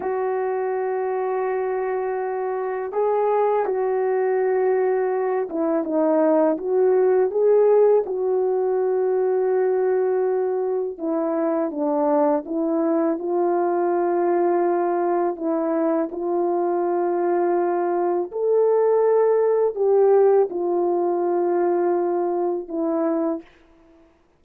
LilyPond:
\new Staff \with { instrumentName = "horn" } { \time 4/4 \tempo 4 = 82 fis'1 | gis'4 fis'2~ fis'8 e'8 | dis'4 fis'4 gis'4 fis'4~ | fis'2. e'4 |
d'4 e'4 f'2~ | f'4 e'4 f'2~ | f'4 a'2 g'4 | f'2. e'4 | }